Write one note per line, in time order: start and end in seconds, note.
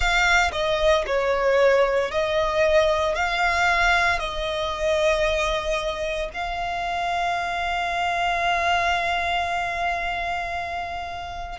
0.00 0.51 F5
0.52 1.04 D#5
1.06 2.11 C#5
2.11 3.15 D#5
3.15 4.19 F5
4.19 6.29 D#5
6.33 11.58 F5